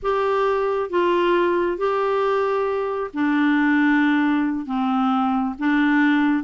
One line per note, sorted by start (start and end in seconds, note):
0.02 0.90 G4
0.90 1.77 F4
1.77 3.10 G4
3.13 4.65 D4
4.65 5.54 C4
5.58 6.43 D4